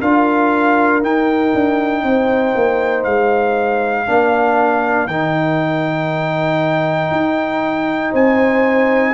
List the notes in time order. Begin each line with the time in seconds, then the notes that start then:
0.00 D4 F4 A#4 F5
1.02 D#4 G5
1.54 D4
2.03 C4 C5
2.55 A#3
3.04 G#3 F5
4.06 A#3 D4 A#4
5.07 D#3 D#4 G5
7.11 D#4
8.11 C4 C5 G#5